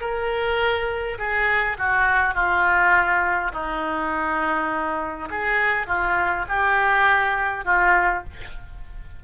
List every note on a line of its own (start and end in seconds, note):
0.00 1.18 A#4
1.18 1.77 G#4
1.78 2.34 F#4
2.34 3.52 F4
3.52 5.29 D#4
5.30 5.87 G#4
5.87 6.45 F4
6.48 7.65 G4
7.65 8.24 F4